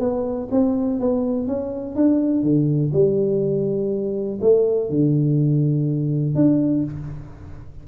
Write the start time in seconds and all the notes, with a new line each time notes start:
0.00 B3
0.51 C4
1.00 B3
1.47 C#4
1.96 D4
2.43 D3
2.94 G3
4.41 A3
4.90 D3
6.35 D4